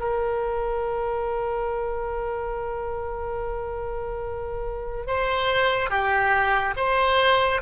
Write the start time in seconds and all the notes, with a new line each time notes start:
0.00 A#4
5.07 C5
5.90 G4
6.76 C5